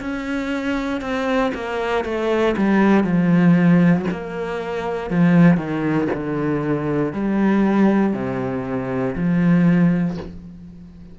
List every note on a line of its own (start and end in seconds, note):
0.00 1.01 C#4
1.01 1.52 C4
1.54 2.04 A#3
2.04 2.55 A3
2.57 3.03 G3
3.03 4.05 F3
4.11 5.10 A#3
5.10 5.57 F3
5.57 6.07 D#3
6.13 7.13 D3
7.13 8.13 G3
8.13 9.15 C3
9.15 10.17 F3